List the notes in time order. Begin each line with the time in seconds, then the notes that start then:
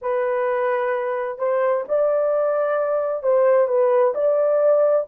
0.01 B4
1.38 C5
1.88 D5
3.22 C5
3.67 B4
4.14 D5